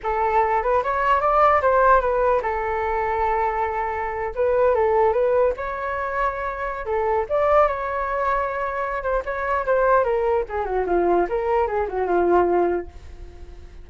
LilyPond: \new Staff \with { instrumentName = "flute" } { \time 4/4 \tempo 4 = 149 a'4. b'8 cis''4 d''4 | c''4 b'4 a'2~ | a'2~ a'8. b'4 a'16~ | a'8. b'4 cis''2~ cis''16~ |
cis''4 a'4 d''4 cis''4~ | cis''2~ cis''8 c''8 cis''4 | c''4 ais'4 gis'8 fis'8 f'4 | ais'4 gis'8 fis'8 f'2 | }